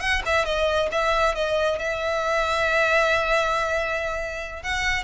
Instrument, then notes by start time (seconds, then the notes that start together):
violin
0.00 F#5
0.25 E5
0.45 D#5
0.91 E5
1.35 D#5
1.79 E5
4.63 F#5